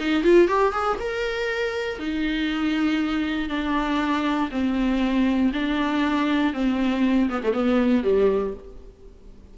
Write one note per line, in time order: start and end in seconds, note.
0.00 0.24 D#4
0.24 0.48 F4
0.48 0.73 G4
0.73 0.98 G#4
1.00 1.99 A#4
1.99 3.50 D#4
3.50 4.50 D4
4.51 5.52 C4
5.53 6.54 D4
6.54 7.29 C4
7.30 7.42 B3
7.44 7.53 A3
7.53 8.04 B3
8.04 8.54 G3